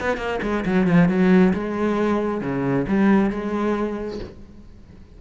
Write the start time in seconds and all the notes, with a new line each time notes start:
0.00 B3
0.17 A#3
0.42 G#3
0.65 F#3
0.87 F3
1.08 F#3
1.53 G#3
2.41 C#3
2.88 G3
3.30 G#3